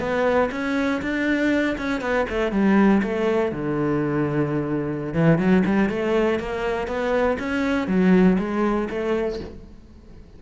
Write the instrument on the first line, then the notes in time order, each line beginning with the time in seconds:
cello
0.00 B3
0.52 C#4
1.02 D4
1.78 C#4
2.01 B3
2.30 A3
2.52 G3
3.03 A3
3.52 D3
5.14 E3
5.38 F#3
5.66 G3
5.90 A3
6.40 A#3
6.87 B3
7.39 C#4
7.88 F#3
8.39 G#3
8.90 A3